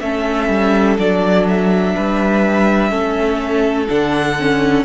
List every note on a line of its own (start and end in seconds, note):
0.00 0.49 A3
0.00 0.99 C#4
0.00 1.95 A4
0.00 0.97 E5
0.49 0.97 G3
0.98 1.94 F#3
0.98 2.89 D4
0.98 1.47 D5
1.48 3.89 E5
1.95 2.91 G3
1.95 2.91 B4
2.89 3.88 A3
2.89 3.86 C#4
2.89 4.84 A4
3.89 4.84 D3
3.89 4.37 D4
3.89 4.84 F#5
4.39 4.84 C#4